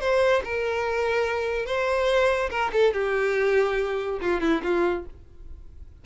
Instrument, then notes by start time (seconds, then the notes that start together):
violin
0.00 C5
0.44 A#4
1.66 C5
2.50 A#4
2.73 A4
2.93 G4
4.21 F4
4.41 E4
4.63 F4